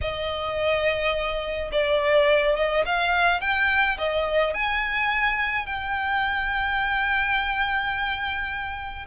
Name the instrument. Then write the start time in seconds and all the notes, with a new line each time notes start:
violin
0.01 D#5
1.71 D5
2.55 D#5
2.85 F5
3.41 G5
3.98 D#5
4.54 G#5
5.66 G5